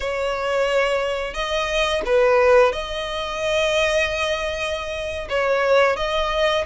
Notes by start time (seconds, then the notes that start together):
0.00 C#5
1.34 D#5
2.05 B4
2.72 D#5
5.29 C#5
5.96 D#5